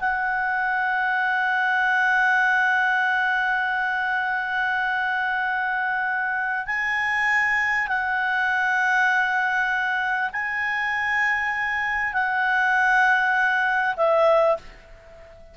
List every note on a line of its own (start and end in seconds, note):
0.00 6.66 F#5
6.66 7.88 G#5
7.88 10.30 F#5
10.33 12.13 G#5
12.13 13.95 F#5
13.97 14.57 E5